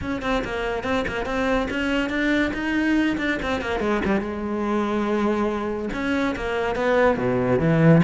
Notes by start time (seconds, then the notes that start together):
0.01 C#4
0.22 C4
0.44 A#3
0.83 C4
1.07 A#3
1.25 C4
1.70 C#4
2.09 D4
2.53 D#4
3.17 D4
3.42 C4
3.61 A#3
3.80 G#3
4.04 G3
4.20 G#3
5.93 C#4
6.36 A#3
6.75 B3
7.17 B2
7.59 E3